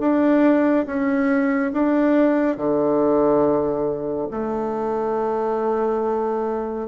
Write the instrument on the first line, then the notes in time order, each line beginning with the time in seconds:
bassoon
0.00 D4
0.86 C#4
1.73 D4
2.57 D3
4.31 A3